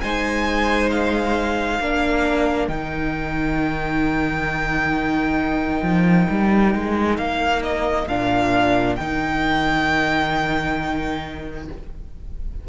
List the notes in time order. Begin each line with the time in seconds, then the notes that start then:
0.00 G#3 D#4 C5 G#5
0.90 F5
1.79 A#3 D4 A#4
2.68 D#3 D#4 G5
5.82 F3
6.30 G3
6.74 G#3
7.17 A#3 F5
7.63 D#5
8.08 A#2 D4 F5
8.95 D#3 D#4 G5